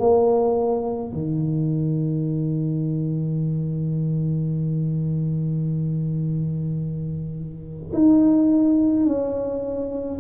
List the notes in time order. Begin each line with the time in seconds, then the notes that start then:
0.00 A#3
1.13 D#3
7.93 D#4
9.07 C#4